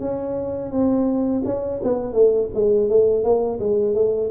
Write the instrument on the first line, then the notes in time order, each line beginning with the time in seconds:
tuba
0.00 C#4
0.71 C4
1.45 C#4
1.83 B3
2.12 A3
2.54 G#3
2.89 A3
3.23 A#3
3.59 G#3
3.94 A3